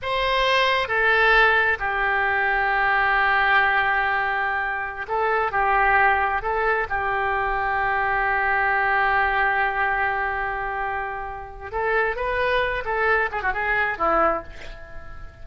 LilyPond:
\new Staff \with { instrumentName = "oboe" } { \time 4/4 \tempo 4 = 133 c''2 a'2 | g'1~ | g'2.~ g'16 a'8.~ | a'16 g'2 a'4 g'8.~ |
g'1~ | g'1~ | g'2 a'4 b'4~ | b'8 a'4 gis'16 fis'16 gis'4 e'4 | }